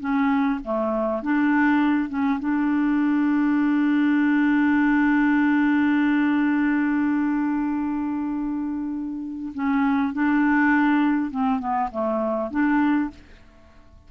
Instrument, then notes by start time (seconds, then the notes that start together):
clarinet
0.00 C#4
0.64 A3
1.22 D4
2.09 C#4
2.40 D4
9.54 C#4
10.13 D4
11.31 C4
11.59 B3
11.91 A3
12.51 D4